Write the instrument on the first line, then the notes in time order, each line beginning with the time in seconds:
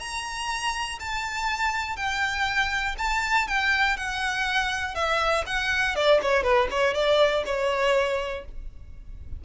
violin
0.00 A#5
1.00 A5
1.97 G5
2.98 A5
3.48 G5
3.97 F#5
4.95 E5
5.47 F#5
5.96 D5
6.23 C#5
6.44 B4
6.71 C#5
6.94 D5
7.46 C#5